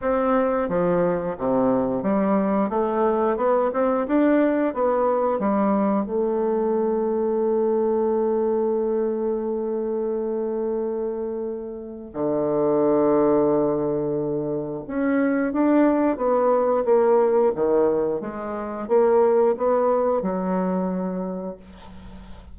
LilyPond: \new Staff \with { instrumentName = "bassoon" } { \time 4/4 \tempo 4 = 89 c'4 f4 c4 g4 | a4 b8 c'8 d'4 b4 | g4 a2.~ | a1~ |
a2 d2~ | d2 cis'4 d'4 | b4 ais4 dis4 gis4 | ais4 b4 fis2 | }